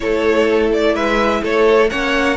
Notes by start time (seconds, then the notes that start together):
0.00 A3 E4 A4 C#5
0.73 D5
0.93 G#3 B4 E5
1.42 A3 A4 C#5
1.89 A#3 C#4 C#5 F#5